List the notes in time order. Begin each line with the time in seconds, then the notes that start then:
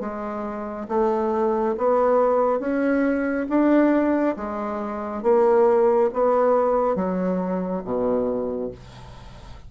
0.00 G#3
0.88 A3
1.77 B3
2.60 C#4
3.49 D4
4.36 G#3
5.23 A#3
6.13 B3
6.95 F#3
7.84 B2